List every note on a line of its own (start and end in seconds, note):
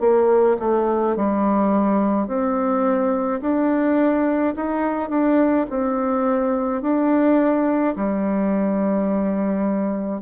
0.00 0.57 A#3
0.59 1.16 A3
1.16 2.27 G3
2.27 3.40 C4
3.41 4.54 D4
4.55 5.09 D#4
5.09 5.66 D4
5.70 6.82 C4
6.82 7.95 D4
7.96 10.21 G3